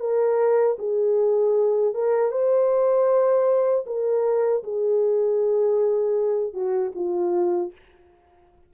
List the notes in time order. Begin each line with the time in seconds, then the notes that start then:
0.00 A#4
0.79 G#4
1.94 A#4
2.32 C5
3.87 A#4
4.64 G#4
6.54 F#4
6.95 F4